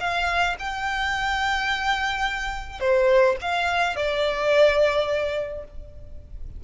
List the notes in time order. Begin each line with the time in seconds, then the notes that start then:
0.00 F5
0.59 G5
2.80 C5
3.42 F5
3.96 D5